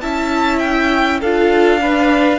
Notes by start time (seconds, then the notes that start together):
0.00 C#4 E4 E5 A5
0.58 G5
1.20 D4 F4 A4 F5
1.80 D4 B4